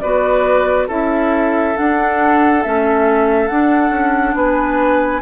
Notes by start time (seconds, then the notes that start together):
0.00 B3 F#4 B4 D5
0.88 C#4 E4 A4 E5
1.76 D4 F#5
2.63 A3 C#4 E5
3.48 D4 F#5
3.91 C#4
4.34 B3 B4 G#5